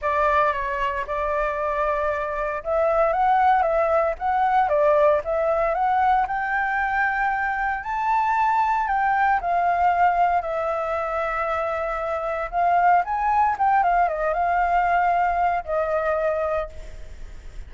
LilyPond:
\new Staff \with { instrumentName = "flute" } { \time 4/4 \tempo 4 = 115 d''4 cis''4 d''2~ | d''4 e''4 fis''4 e''4 | fis''4 d''4 e''4 fis''4 | g''2. a''4~ |
a''4 g''4 f''2 | e''1 | f''4 gis''4 g''8 f''8 dis''8 f''8~ | f''2 dis''2 | }